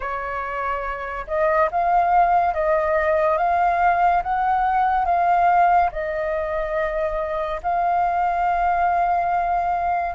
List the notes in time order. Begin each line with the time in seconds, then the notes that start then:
0.00 C#5
1.27 D#5
1.71 F5
2.54 D#5
3.37 F5
4.23 F#5
5.05 F5
5.92 D#5
7.62 F5